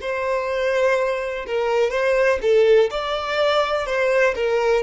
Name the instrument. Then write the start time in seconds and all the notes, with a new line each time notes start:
violin
0.00 C5
1.46 A#4
1.90 C5
2.41 A4
2.90 D5
3.86 C5
4.35 A#4